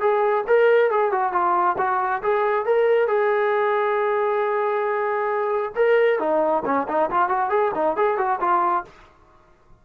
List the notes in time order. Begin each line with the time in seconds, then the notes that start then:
0.00 G#4
0.47 A#4
0.90 G#4
1.11 F#4
1.32 F4
1.77 F#4
2.22 G#4
2.65 A#4
3.07 G#4
5.75 A#4
6.19 D#4
6.65 C#4
6.87 D#4
7.10 F4
7.28 F#4
7.49 G#4
7.74 D#4
7.96 G#4
8.17 F#4
8.40 F4